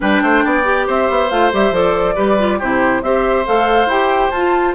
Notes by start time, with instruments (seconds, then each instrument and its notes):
0.00 bassoon G3, clarinet D4, oboe B4, flute G5
0.21 bassoon A3, oboe C5
0.44 bassoon B3, oboe D5
0.63 clarinet G4
0.87 bassoon C4, oboe C5, flute E5
1.09 bassoon B3
1.30 bassoon A3, clarinet F4, flute F5
1.52 bassoon G3, clarinet G4, flute E5
1.71 bassoon F3, clarinet A4, flute D5
2.15 bassoon G3, clarinet G4, oboe B4
2.38 clarinet F4
2.58 bassoon C3, clarinet E4, oboe G4, flute C5
3.02 bassoon C4, clarinet G4, oboe C5, flute E5
3.45 bassoon A3, clarinet A4, flute F5
3.86 bassoon E4, clarinet G4, flute G5
4.30 bassoon F4, clarinet F4, flute A5